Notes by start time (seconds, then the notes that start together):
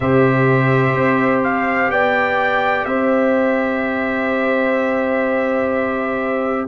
0.00 C3 G4 C5 E5
0.94 C4
1.43 F5
1.89 B3 D5 G5
2.85 C4 C5 E5